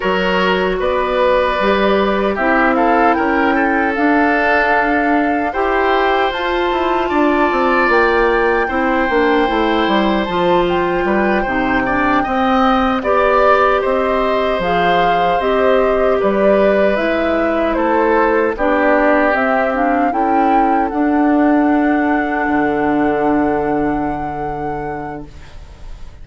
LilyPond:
<<
  \new Staff \with { instrumentName = "flute" } { \time 4/4 \tempo 4 = 76 cis''4 d''2 e''8 f''8 | g''4 f''2 g''4 | a''2 g''2~ | g''4 a''8 g''2~ g''8~ |
g''8 d''4 dis''4 f''4 dis''8~ | dis''8 d''4 e''4 c''4 d''8~ | d''8 e''8 f''8 g''4 fis''4.~ | fis''1 | }
  \new Staff \with { instrumentName = "oboe" } { \time 4/4 ais'4 b'2 g'8 a'8 | ais'8 a'2~ a'8 c''4~ | c''4 d''2 c''4~ | c''2 b'8 c''8 d''8 dis''8~ |
dis''8 d''4 c''2~ c''8~ | c''8 b'2 a'4 g'8~ | g'4. a'2~ a'8~ | a'1 | }
  \new Staff \with { instrumentName = "clarinet" } { \time 4/4 fis'2 g'4 e'4~ | e'4 d'2 g'4 | f'2. e'8 d'8 | e'4 f'4. dis'8 d'8 c'8~ |
c'8 g'2 gis'4 g'8~ | g'4. e'2 d'8~ | d'8 c'8 d'8 e'4 d'4.~ | d'1 | }
  \new Staff \with { instrumentName = "bassoon" } { \time 4/4 fis4 b4 g4 c'4 | cis'4 d'2 e'4 | f'8 e'8 d'8 c'8 ais4 c'8 ais8 | a8 g8 f4 g8 c4 c'8~ |
c'8 b4 c'4 f4 c'8~ | c'8 g4 gis4 a4 b8~ | b8 c'4 cis'4 d'4.~ | d'8 d2.~ d8 | }
>>